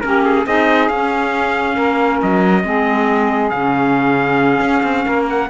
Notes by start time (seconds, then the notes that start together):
0.00 A#3 C#4 G4 A#4
0.25 G#4
0.45 C4 D#4 G#4 D#5
0.88 C#4 F5
1.75 A#3 A#4
2.22 F#3 D#5
2.64 G#3 C4 G#4
3.50 C#3 C#4 F5
4.60 C#4
4.83 C4
5.05 A#3 A#4
5.29 F#5